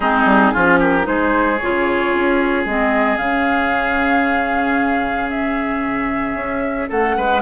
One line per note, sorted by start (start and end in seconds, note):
0.00 0.25 G#3
0.00 0.55 C4
0.00 0.53 D#4
0.00 0.78 G#4
0.25 0.51 G3
0.53 1.06 F3
0.53 1.03 C#4
0.53 0.79 F4
0.79 1.05 G4
0.79 1.06 A#4
1.03 1.60 G#3
1.03 1.56 D#4
1.03 6.89 G#4
1.03 1.57 C5
1.57 2.14 C#3
1.57 2.67 F4
1.57 2.63 C#5
2.14 2.65 C#4
2.65 3.17 G#3
2.65 3.19 C4
2.65 3.17 D#5
3.17 6.35 C#3
3.17 7.42 C#4
3.17 5.29 F5
5.30 6.89 E5
6.35 6.88 C#4
6.89 7.17 A3
6.89 7.15 A4
6.89 7.42 F#5
7.17 7.42 G#3
7.17 7.42 B4